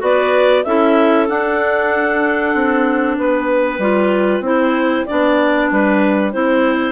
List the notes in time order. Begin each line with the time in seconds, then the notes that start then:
0.00 B3 F#4 B4 D5
0.64 C#4 E4 A4 E5
1.28 D4 F#5
2.55 C4
3.16 B3 B4 G5
3.79 G3 F4
4.40 C4 E4 C5
5.06 B3 D4 D5
5.71 G3 B4
6.32 C4 E4 C5